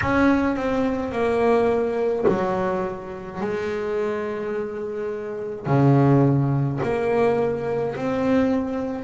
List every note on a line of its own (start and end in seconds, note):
0.01 0.56 C#4
0.56 1.12 C4
1.12 2.25 A#3
2.27 3.40 F#3
3.40 5.66 G#3
5.66 6.79 C#3
6.82 7.96 A#3
7.96 9.04 C4